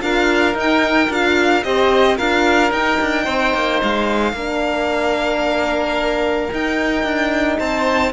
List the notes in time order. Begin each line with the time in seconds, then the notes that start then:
0.00 D4 F4 A#4 F5
0.53 D#4 G5
1.09 D4 F4 F5
1.63 C4 G4 C5 D#5
2.17 D4 F4 A#4 F5
2.71 D#4 G5
3.01 D4
3.24 C4 C5
3.53 A#3
3.83 G#3 F5
4.32 A#3 D4 A#4
6.51 D#4 G5
7.03 D4
7.58 C4 C5 A5